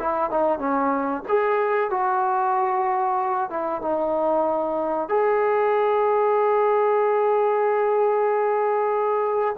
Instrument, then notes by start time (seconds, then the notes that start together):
trombone
0.00 E4
0.31 D#4
0.59 C#4
1.29 G#4
1.91 F#4
3.50 E4
3.82 D#4
5.09 G#4